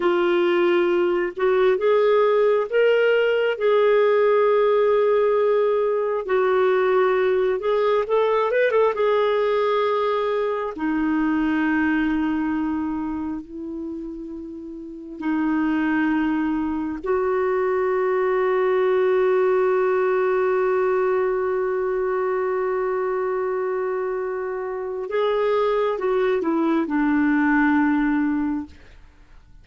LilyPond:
\new Staff \with { instrumentName = "clarinet" } { \time 4/4 \tempo 4 = 67 f'4. fis'8 gis'4 ais'4 | gis'2. fis'4~ | fis'8 gis'8 a'8 b'16 a'16 gis'2 | dis'2. e'4~ |
e'4 dis'2 fis'4~ | fis'1~ | fis'1 | gis'4 fis'8 e'8 d'2 | }